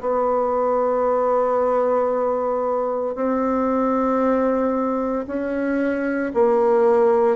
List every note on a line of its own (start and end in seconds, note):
0.00 3.15 B3
3.15 5.25 C4
5.27 6.32 C#4
6.34 7.36 A#3